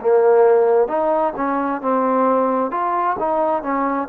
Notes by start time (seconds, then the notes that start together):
0.00 A#3
0.88 D#4
1.36 C#4
1.81 C4
2.71 F4
3.19 D#4
3.62 C#4